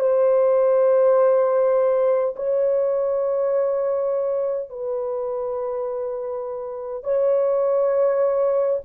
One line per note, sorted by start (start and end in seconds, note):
0.00 2.35 C5
2.36 4.70 C#5
4.70 7.04 B4
7.04 8.80 C#5